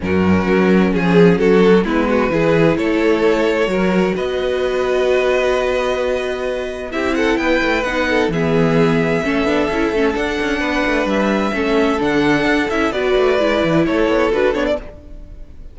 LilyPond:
<<
  \new Staff \with { instrumentName = "violin" } { \time 4/4 \tempo 4 = 130 ais'2 gis'4 a'4 | b'2 cis''2~ | cis''4 dis''2.~ | dis''2. e''8 fis''8 |
g''4 fis''4 e''2~ | e''2 fis''2 | e''2 fis''4. e''8 | d''2 cis''4 b'8 cis''16 d''16 | }
  \new Staff \with { instrumentName = "violin" } { \time 4/4 fis'2 gis'4 fis'4 | e'8 fis'8 gis'4 a'2 | ais'4 b'2.~ | b'2. g'8 a'8 |
b'4. a'8 gis'2 | a'2. b'4~ | b'4 a'2. | b'2 a'2 | }
  \new Staff \with { instrumentName = "viola" } { \time 4/4 cis'1 | b4 e'2. | fis'1~ | fis'2. e'4~ |
e'4 dis'4 b2 | cis'8 d'8 e'8 cis'8 d'2~ | d'4 cis'4 d'4. e'8 | fis'4 e'2 fis'8 d'8 | }
  \new Staff \with { instrumentName = "cello" } { \time 4/4 fis,4 fis4 f4 fis4 | gis4 e4 a2 | fis4 b2.~ | b2. c'4 |
b8 a8 b4 e2 | a8 b8 cis'8 a8 d'8 cis'8 b8 a8 | g4 a4 d4 d'8 cis'8 | b8 a8 gis8 e8 a8 b8 d'8 b8 | }
>>